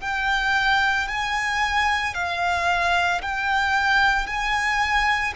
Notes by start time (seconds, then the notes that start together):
0.00 G5
1.08 G#5
2.14 F5
3.21 G5
4.26 G#5